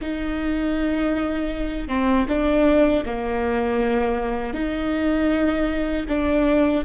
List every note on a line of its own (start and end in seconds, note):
0.01 1.87 D#4
1.87 2.25 C4
2.28 3.04 D4
3.05 4.53 A#3
4.53 6.05 D#4
6.08 6.84 D4